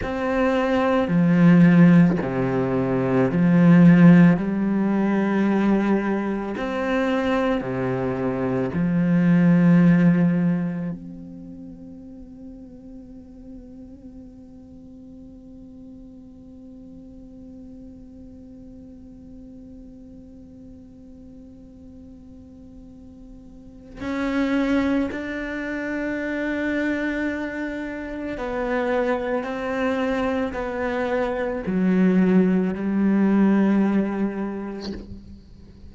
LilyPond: \new Staff \with { instrumentName = "cello" } { \time 4/4 \tempo 4 = 55 c'4 f4 c4 f4 | g2 c'4 c4 | f2 c'2~ | c'1~ |
c'1~ | c'2 cis'4 d'4~ | d'2 b4 c'4 | b4 fis4 g2 | }